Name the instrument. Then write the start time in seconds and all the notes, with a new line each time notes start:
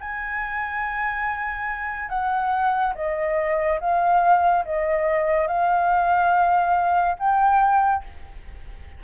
flute
0.00 G#5
2.09 F#5
2.94 D#5
3.80 F5
4.65 D#5
5.47 F5
7.19 G5